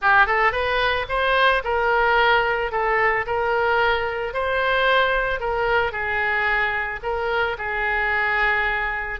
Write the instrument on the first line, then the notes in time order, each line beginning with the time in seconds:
oboe
0.01 G4
0.26 A4
0.51 B4
1.08 C5
1.64 A#4
2.71 A4
3.26 A#4
4.33 C5
5.40 A#4
5.92 G#4
7.02 A#4
7.57 G#4